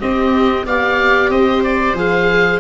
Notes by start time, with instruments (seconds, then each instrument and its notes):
0.00 viola C4 G4, tuba C4, oboe D#5
0.66 tuba B3, viola G4 D5, oboe F5
1.30 tuba C4, viola C5, oboe D#5
1.64 oboe D5
1.94 tuba F3, viola G#4, oboe F5